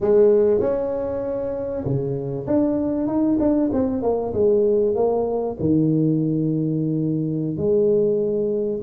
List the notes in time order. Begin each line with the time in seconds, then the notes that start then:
0.01 G#3
0.60 C#4
1.84 C#3
2.47 D4
3.07 D#4
3.39 D4
3.72 C4
4.02 A#3
4.33 G#3
4.95 A#3
5.59 D#3
7.57 G#3